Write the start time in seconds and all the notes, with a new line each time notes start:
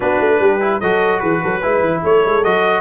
0.00 B3 D4 F#4 B4
0.19 A3
0.39 G3 G4
0.61 E4
0.80 F#3 F#4 A4 D#5
1.19 E3 G#4 B4
1.43 F#3 A4
1.61 G#3 E4 B4
1.80 E3
2.03 A3 A4 C#5
2.25 G#3
2.44 F#3 F#4 D#5